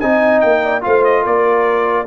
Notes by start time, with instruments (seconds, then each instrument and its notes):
0.00 tuba C4, trombone D#4, horn D#5, trumpet G#5
0.41 tuba A#3, trumpet G5
0.63 horn D5
0.82 tuba A3, trombone F4, horn C5, trumpet F5
1.05 trumpet D#5
1.23 tuba A#3, horn A#4, trumpet D5